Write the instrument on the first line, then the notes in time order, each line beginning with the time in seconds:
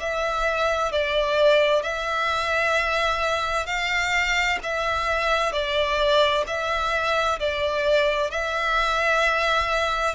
violin
0.00 E5
0.92 D5
1.83 E5
3.67 F5
4.63 E5
5.53 D5
6.47 E5
7.40 D5
8.31 E5